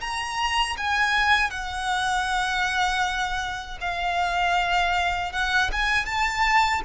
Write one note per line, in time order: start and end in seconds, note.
0.00 0.76 A#5
0.77 1.50 G#5
1.50 3.78 F#5
3.80 5.32 F5
5.32 5.70 F#5
5.71 6.05 G#5
6.05 6.81 A5